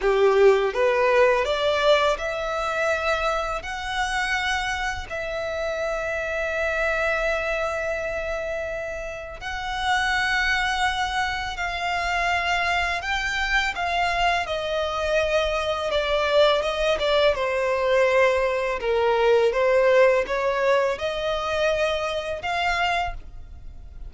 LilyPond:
\new Staff \with { instrumentName = "violin" } { \time 4/4 \tempo 4 = 83 g'4 b'4 d''4 e''4~ | e''4 fis''2 e''4~ | e''1~ | e''4 fis''2. |
f''2 g''4 f''4 | dis''2 d''4 dis''8 d''8 | c''2 ais'4 c''4 | cis''4 dis''2 f''4 | }